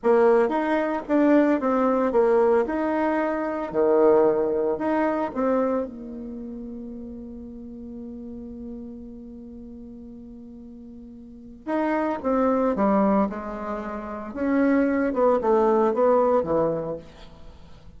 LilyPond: \new Staff \with { instrumentName = "bassoon" } { \time 4/4 \tempo 4 = 113 ais4 dis'4 d'4 c'4 | ais4 dis'2 dis4~ | dis4 dis'4 c'4 ais4~ | ais1~ |
ais1~ | ais2 dis'4 c'4 | g4 gis2 cis'4~ | cis'8 b8 a4 b4 e4 | }